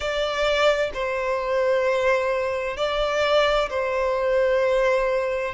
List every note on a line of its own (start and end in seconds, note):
0.00 0.90 D5
0.93 2.77 C5
2.77 3.69 D5
3.69 5.54 C5